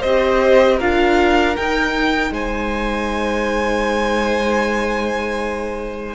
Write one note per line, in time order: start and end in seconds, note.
0.00 0.80 C4
0.00 0.80 G4
0.00 0.77 C5
0.00 0.79 D#5
0.77 1.57 D4
0.77 1.57 F4
0.77 2.31 A#4
0.77 1.56 F5
1.56 6.15 D#4
1.56 2.31 D#4
1.56 2.33 G5
2.31 6.15 G#3
2.31 6.15 C5
2.31 6.15 G#5